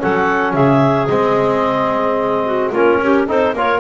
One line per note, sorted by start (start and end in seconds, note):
0.00 0.54 F#3
0.00 1.09 C#4
0.00 0.54 A4
0.00 0.54 F#5
0.54 1.09 C#3
0.54 2.45 G#4
0.54 1.07 E5
1.07 2.73 G#3
1.07 2.74 C4
1.07 2.71 D#5
2.46 2.72 F#4
2.72 3.00 A#3
2.72 3.28 C#4
2.72 2.99 F4
2.72 3.28 A#4
3.01 3.28 C#4
3.01 3.28 G4
3.28 3.54 C4
3.28 3.55 D#4
3.28 3.55 A4
3.28 3.57 C5
3.54 3.80 A#3
3.54 3.80 F4
3.54 3.80 A#4
3.54 3.80 C#5